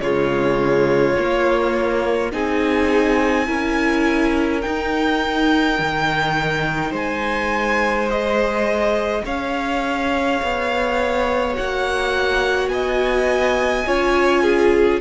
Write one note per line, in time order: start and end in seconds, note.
0.00 1.15 C#3
0.00 1.17 G#3
0.00 2.32 F4
0.00 2.31 C#5
1.19 2.33 A#3
1.19 2.31 A#3
2.31 3.48 C4
2.31 3.46 D#4
2.31 3.47 G#4
2.31 4.61 G#5
3.46 4.64 C#4
3.46 4.61 E4
3.46 6.91 A#4
4.61 8.08 D#4
4.61 5.79 D#4
4.61 6.92 G5
5.79 6.91 D#3
6.91 9.22 G#3
6.91 9.21 C5
6.91 8.10 G#5
8.08 11.54 G#4
8.08 9.25 D#5
9.24 10.41 C#4
9.24 12.70 C#5
9.24 11.55 F5
10.42 11.57 B3
11.54 12.68 A#3
11.54 13.84 F#4
11.54 12.69 F#5
12.68 13.83 B3
12.68 13.87 D#5
12.68 14.99 G#5
13.85 15.01 C#4
13.85 15.01 F4
13.85 14.43 C#5
14.43 15.00 G#4